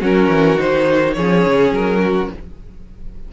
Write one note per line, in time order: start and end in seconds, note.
0.00 0.28 F#3
0.00 0.57 C#4
0.00 1.14 F#4
0.00 0.59 A#4
0.28 0.56 E3
0.57 1.16 D#3
0.57 1.14 D#4
0.57 1.13 C5
1.13 1.45 F3
1.13 2.32 C#4
1.13 2.00 G#4
1.13 1.70 C#5
1.45 1.71 C#3
1.71 2.28 F#3
1.71 2.31 A#4
2.00 2.28 F#4